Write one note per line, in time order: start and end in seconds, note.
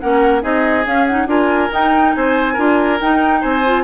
0.00 0.43 A#3
0.00 0.42 C#4
0.00 0.42 A#4
0.00 0.43 F#5
0.42 0.85 C4
0.42 0.85 D#4
0.42 1.28 G#4
0.42 0.87 D#5
0.85 1.27 C#4
0.85 1.07 C#4
0.85 1.07 F5
1.07 1.28 D#4
1.07 1.28 F#5
1.27 1.69 D4
1.27 1.70 F4
1.27 2.15 A#4
1.27 1.72 G#5
1.70 2.56 D#4
1.70 2.15 D#4
1.70 2.15 G5
2.15 2.57 C4
2.15 2.53 C5
2.15 3.00 G#5
2.53 3.00 D4
2.53 3.00 F4
2.53 3.39 A#4
3.01 3.65 D#4
3.01 3.44 D#4
3.01 3.42 G5
3.41 3.84 C4
3.41 3.84 C5
3.41 3.84 G#5
3.65 3.84 F4